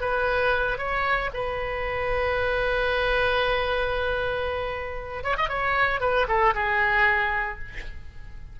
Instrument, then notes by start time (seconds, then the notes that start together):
oboe
0.00 B4
0.78 C#5
1.33 B4
5.23 C#5
5.37 D#5
5.49 C#5
6.00 B4
6.28 A4
6.54 G#4